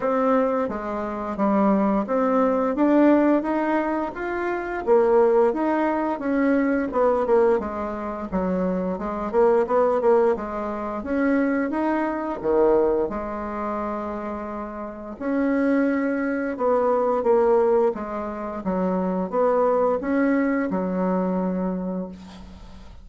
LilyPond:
\new Staff \with { instrumentName = "bassoon" } { \time 4/4 \tempo 4 = 87 c'4 gis4 g4 c'4 | d'4 dis'4 f'4 ais4 | dis'4 cis'4 b8 ais8 gis4 | fis4 gis8 ais8 b8 ais8 gis4 |
cis'4 dis'4 dis4 gis4~ | gis2 cis'2 | b4 ais4 gis4 fis4 | b4 cis'4 fis2 | }